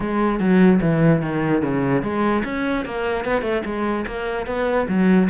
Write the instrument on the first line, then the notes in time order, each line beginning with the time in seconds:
cello
0.00 G#3
0.39 F#3
0.81 E3
1.21 D#3
1.61 C#3
2.02 G#3
2.44 C#4
2.85 A#3
3.24 B3
3.41 A3
3.65 G#3
4.07 A#3
4.46 B3
4.88 F#3